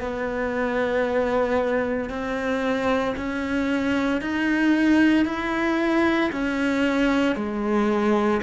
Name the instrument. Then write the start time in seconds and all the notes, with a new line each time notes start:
cello
0.00 B3
2.10 C4
3.16 C#4
4.21 D#4
5.25 E4
6.32 C#4
7.35 G#3